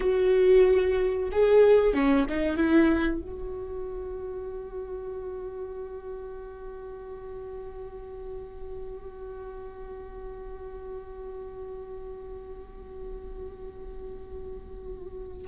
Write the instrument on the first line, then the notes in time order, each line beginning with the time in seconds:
viola
0.00 F#4
1.31 G#4
1.93 C#4
2.29 D#4
2.57 E4
3.21 F#4